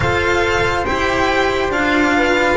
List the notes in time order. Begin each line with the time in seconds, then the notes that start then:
0.00 F4 A4 C5 F5
0.85 E4 G4 G5
1.69 D4 F4 F5
2.16 B4